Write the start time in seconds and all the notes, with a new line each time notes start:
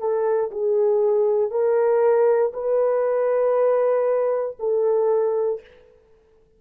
0.00 A4
0.51 G#4
1.51 A#4
2.53 B4
4.59 A4